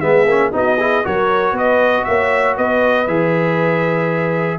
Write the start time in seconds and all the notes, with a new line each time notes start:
0.00 G#3 B3 G#4 E5
0.26 A#3 C#4
0.52 B3 D#4 F#4 D#5
0.79 E4 G#4
1.03 F#3 F#4 A#4 C#5
1.52 B3 B4 D#5
2.04 A#3 C#5 E5
2.57 B3 B4 D#5
3.07 E3 G#4 E5